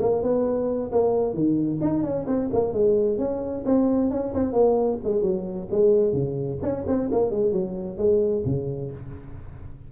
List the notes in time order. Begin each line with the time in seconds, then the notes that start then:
0.00 A#3
0.22 B3
0.91 A#3
1.34 D#3
1.81 D#4
2.03 C#4
2.27 C4
2.53 A#3
2.73 G#3
3.18 C#4
3.65 C4
4.10 C#4
4.34 C4
4.52 A#3
5.04 G#3
5.22 F#3
5.71 G#3
6.13 C#3
6.62 C#4
6.87 C4
7.12 A#3
7.31 G#3
7.52 F#3
7.97 G#3
8.45 C#3